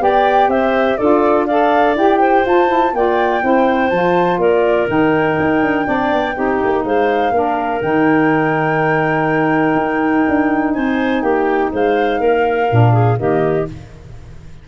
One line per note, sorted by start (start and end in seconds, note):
0.00 0.48 B3
0.00 0.98 G4
0.00 0.50 D5
0.00 0.51 G5
0.48 0.96 C4
0.48 0.98 C5
0.48 0.97 E5
0.97 1.96 D4
0.97 1.49 F4
0.97 1.47 A4
0.97 1.46 D5
1.46 1.97 A4
1.46 2.19 D5
1.46 1.95 F5
1.96 2.44 E4
1.96 2.46 G4
1.96 2.46 G5
2.19 2.92 C5
2.45 2.93 F4
2.45 2.68 F4
2.45 2.95 A5
2.68 2.92 E4
2.93 3.42 A#3
2.93 3.41 F4
2.93 3.45 D5
2.93 3.90 G5
3.41 3.91 C4
3.41 3.90 E4
3.41 4.40 C5
3.90 4.38 F3
3.90 4.87 F4
3.90 4.39 A5
4.38 4.87 A#3
4.38 5.86 A#4
4.38 4.88 D5
4.87 5.38 D#3
4.87 5.85 D#4
4.87 6.85 G5
5.40 5.62 D#4
5.62 5.87 D4
5.85 6.12 C4
5.85 6.34 D4
5.85 6.35 D5
6.12 6.36 B3
6.35 6.62 C4
6.35 7.33 D#4
6.35 6.85 G4
6.64 6.85 A#3
6.85 7.31 G#3
6.85 7.34 C5
6.85 7.81 F5
7.31 7.80 A#3
7.31 7.81 D4
7.31 10.75 A#4
7.81 9.75 D#3
7.81 12.68 D#4
7.81 10.74 G5
9.75 10.24 D#4
10.28 10.77 D4
10.74 11.23 C4
10.74 11.23 C5
10.74 11.22 G#5
11.22 11.71 A#3
11.22 11.72 G4
11.22 11.71 G5
11.72 12.20 G#3
11.72 12.20 C5
11.72 13.19 F5
12.20 12.68 A#3
12.20 12.93 A#4
12.70 13.19 A#2
12.70 13.17 D4
12.93 13.17 G#4
13.17 13.68 D#3
13.17 13.65 A#3
13.17 13.68 G4
13.17 13.68 D#5